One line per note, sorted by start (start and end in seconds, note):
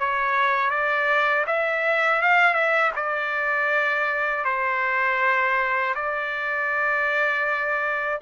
0.00 0.71 C#5
0.71 1.46 D5
1.47 2.22 E5
2.22 2.54 F5
2.54 2.92 E5
2.96 4.45 D5
4.45 5.95 C5
5.96 8.21 D5